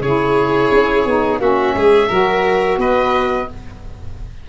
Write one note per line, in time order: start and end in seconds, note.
0.00 0.69 C#3
0.00 1.07 E4
0.00 1.41 G#4
0.00 1.39 C#5
0.71 1.05 C#4
1.05 1.40 B3
1.05 1.40 D#4
1.40 1.74 A#3
1.40 2.09 C#4
1.40 1.75 F#4
1.40 2.80 E5
1.75 2.09 G#3
1.75 2.09 G#4
2.09 2.77 F#3
2.09 3.48 F#4
2.09 2.78 A#4
2.77 3.46 B3
2.77 3.49 B4
2.77 3.49 D#5